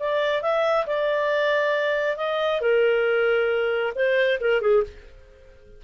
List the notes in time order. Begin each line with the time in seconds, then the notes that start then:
0.00 D5
0.42 E5
0.87 D5
2.17 D#5
2.61 A#4
3.96 C5
4.41 A#4
4.62 G#4